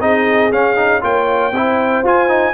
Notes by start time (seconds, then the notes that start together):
0.00 C4 D#4 G#4 D#5
0.52 C#4 F5
0.76 D#4
1.01 A#3 F4 C#5 G5
1.52 C4 E4 C5
2.03 F4 G#5
2.28 D#4